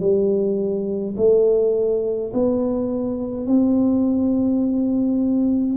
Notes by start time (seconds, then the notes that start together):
0.00 G3
1.17 A3
2.33 B3
3.47 C4